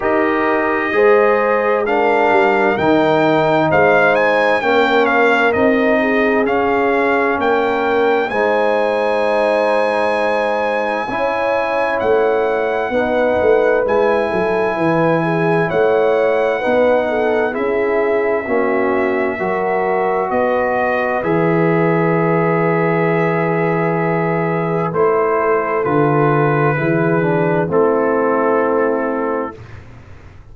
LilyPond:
<<
  \new Staff \with { instrumentName = "trumpet" } { \time 4/4 \tempo 4 = 65 dis''2 f''4 g''4 | f''8 gis''8 g''8 f''8 dis''4 f''4 | g''4 gis''2.~ | gis''4 fis''2 gis''4~ |
gis''4 fis''2 e''4~ | e''2 dis''4 e''4~ | e''2. c''4 | b'2 a'2 | }
  \new Staff \with { instrumentName = "horn" } { \time 4/4 ais'4 c''4 ais'2 | c''4 ais'4. gis'4. | ais'4 c''2. | cis''2 b'4. a'8 |
b'8 gis'8 cis''4 b'8 a'8 gis'4 | fis'4 ais'4 b'2~ | b'2.~ b'8 a'8~ | a'4 gis'4 e'2 | }
  \new Staff \with { instrumentName = "trombone" } { \time 4/4 g'4 gis'4 d'4 dis'4~ | dis'4 cis'4 dis'4 cis'4~ | cis'4 dis'2. | e'2 dis'4 e'4~ |
e'2 dis'4 e'4 | cis'4 fis'2 gis'4~ | gis'2. e'4 | f'4 e'8 d'8 c'2 | }
  \new Staff \with { instrumentName = "tuba" } { \time 4/4 dis'4 gis4. g8 dis4 | gis4 ais4 c'4 cis'4 | ais4 gis2. | cis'4 a4 b8 a8 gis8 fis8 |
e4 a4 b4 cis'4 | ais4 fis4 b4 e4~ | e2. a4 | d4 e4 a2 | }
>>